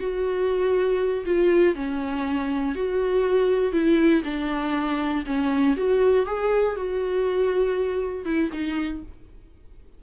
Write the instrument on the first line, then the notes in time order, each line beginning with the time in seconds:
viola
0.00 F#4
1.26 F4
1.76 C#4
2.76 F#4
3.73 E4
4.25 D4
5.27 C#4
5.77 F#4
6.27 G#4
6.76 F#4
8.26 E4
8.53 D#4